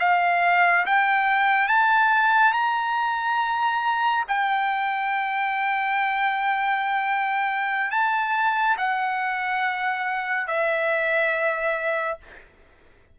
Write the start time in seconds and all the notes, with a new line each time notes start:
0.00 F5
0.86 G5
1.68 A5
2.53 A#5
4.28 G5
7.91 A5
8.78 F#5
10.47 E5